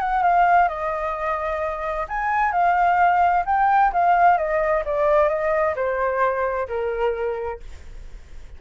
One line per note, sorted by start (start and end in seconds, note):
0.00 0.23 F#5
0.23 0.69 F5
0.69 2.07 D#5
2.09 2.52 G#5
2.52 3.44 F5
3.46 3.92 G5
3.93 4.38 F5
4.38 4.84 D#5
4.85 5.29 D5
5.29 5.75 D#5
5.76 6.68 C5
6.68 7.60 A#4